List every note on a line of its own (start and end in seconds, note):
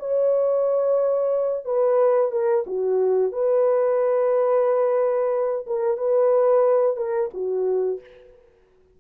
0.00 1.65 C#5
1.65 2.32 B4
2.32 2.65 A#4
2.67 3.33 F#4
3.33 5.66 B4
5.67 5.98 A#4
5.98 6.97 B4
6.97 7.31 A#4
7.34 8.01 F#4